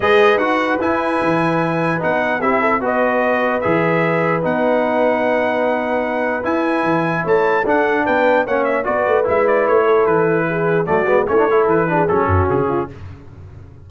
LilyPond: <<
  \new Staff \with { instrumentName = "trumpet" } { \time 4/4 \tempo 4 = 149 dis''4 fis''4 gis''2~ | gis''4 fis''4 e''4 dis''4~ | dis''4 e''2 fis''4~ | fis''1 |
gis''2 a''4 fis''4 | g''4 fis''8 e''8 d''4 e''8 d''8 | cis''4 b'2 d''4 | cis''4 b'4 a'4 gis'4 | }
  \new Staff \with { instrumentName = "horn" } { \time 4/4 b'1~ | b'2 g'8 a'8 b'4~ | b'1~ | b'1~ |
b'2 cis''4 a'4 | b'4 cis''4 b'2~ | b'8 a'4. gis'4 fis'4 | e'8 a'4 gis'4 fis'4 f'8 | }
  \new Staff \with { instrumentName = "trombone" } { \time 4/4 gis'4 fis'4 e'2~ | e'4 dis'4 e'4 fis'4~ | fis'4 gis'2 dis'4~ | dis'1 |
e'2. d'4~ | d'4 cis'4 fis'4 e'4~ | e'2. a8 b8 | cis'16 d'16 e'4 d'8 cis'2 | }
  \new Staff \with { instrumentName = "tuba" } { \time 4/4 gis4 dis'4 e'4 e4~ | e4 b4 c'4 b4~ | b4 e2 b4~ | b1 |
e'4 e4 a4 d'4 | b4 ais4 b8 a8 gis4 | a4 e2 fis8 gis8 | a4 e4 fis8 fis,8 cis4 | }
>>